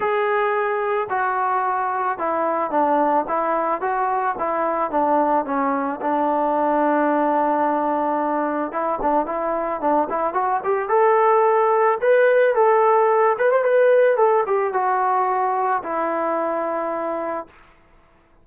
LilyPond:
\new Staff \with { instrumentName = "trombone" } { \time 4/4 \tempo 4 = 110 gis'2 fis'2 | e'4 d'4 e'4 fis'4 | e'4 d'4 cis'4 d'4~ | d'1 |
e'8 d'8 e'4 d'8 e'8 fis'8 g'8 | a'2 b'4 a'4~ | a'8 b'16 c''16 b'4 a'8 g'8 fis'4~ | fis'4 e'2. | }